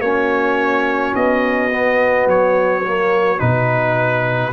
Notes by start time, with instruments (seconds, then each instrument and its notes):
0.00 tuba A#3, trombone C#4, horn F#4, trumpet C#5
1.15 tuba B3, trumpet D#5
1.72 trombone B3
2.27 tuba F#3, trumpet C#5
2.87 trombone A#3
3.39 tuba B2, trombone D#4, trumpet B4